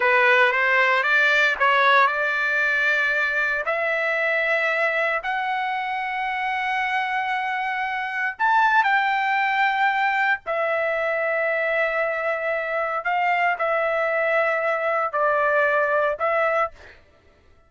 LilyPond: \new Staff \with { instrumentName = "trumpet" } { \time 4/4 \tempo 4 = 115 b'4 c''4 d''4 cis''4 | d''2. e''4~ | e''2 fis''2~ | fis''1 |
a''4 g''2. | e''1~ | e''4 f''4 e''2~ | e''4 d''2 e''4 | }